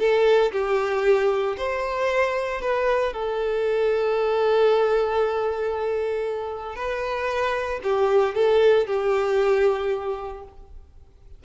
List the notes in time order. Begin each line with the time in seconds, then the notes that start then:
0.00 A4
0.52 G4
1.57 C5
2.62 B4
3.14 A4
6.76 B4
7.84 G4
8.35 A4
8.87 G4